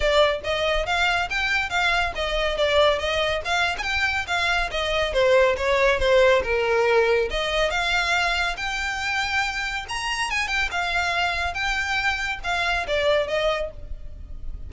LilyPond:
\new Staff \with { instrumentName = "violin" } { \time 4/4 \tempo 4 = 140 d''4 dis''4 f''4 g''4 | f''4 dis''4 d''4 dis''4 | f''8. gis''16 g''4 f''4 dis''4 | c''4 cis''4 c''4 ais'4~ |
ais'4 dis''4 f''2 | g''2. ais''4 | gis''8 g''8 f''2 g''4~ | g''4 f''4 d''4 dis''4 | }